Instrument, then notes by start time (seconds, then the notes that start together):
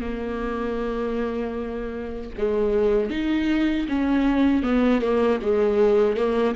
viola
0.00 A#3
2.38 G#3
3.10 D#4
3.88 C#4
4.63 B3
5.01 A#3
5.42 G#3
6.16 A#3